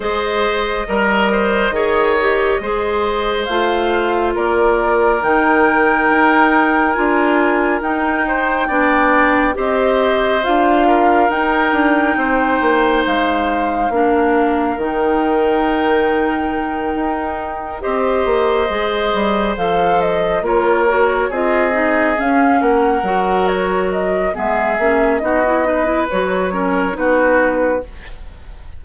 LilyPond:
<<
  \new Staff \with { instrumentName = "flute" } { \time 4/4 \tempo 4 = 69 dis''1 | f''4 d''4 g''2 | gis''4 g''2 dis''4 | f''4 g''2 f''4~ |
f''4 g''2.~ | g''8 dis''2 f''8 dis''8 cis''8~ | cis''8 dis''4 f''8 fis''4 cis''8 dis''8 | e''4 dis''4 cis''4 b'4 | }
  \new Staff \with { instrumentName = "oboe" } { \time 4/4 c''4 ais'8 c''8 cis''4 c''4~ | c''4 ais'2.~ | ais'4. c''8 d''4 c''4~ | c''8 ais'4. c''2 |
ais'1~ | ais'8 c''2. ais'8~ | ais'8 gis'4. ais'2 | gis'4 fis'8 b'4 ais'8 fis'4 | }
  \new Staff \with { instrumentName = "clarinet" } { \time 4/4 gis'4 ais'4 gis'8 g'8 gis'4 | f'2 dis'2 | f'4 dis'4 d'4 g'4 | f'4 dis'2. |
d'4 dis'2.~ | dis'8 g'4 gis'4 a'4 f'8 | fis'8 f'8 dis'8 cis'4 fis'4. | b8 cis'8 dis'16 e'16 dis'16 e'16 fis'8 cis'8 dis'4 | }
  \new Staff \with { instrumentName = "bassoon" } { \time 4/4 gis4 g4 dis4 gis4 | a4 ais4 dis4 dis'4 | d'4 dis'4 b4 c'4 | d'4 dis'8 d'8 c'8 ais8 gis4 |
ais4 dis2~ dis8 dis'8~ | dis'8 c'8 ais8 gis8 g8 f4 ais8~ | ais8 c'4 cis'8 ais8 fis4. | gis8 ais8 b4 fis4 b4 | }
>>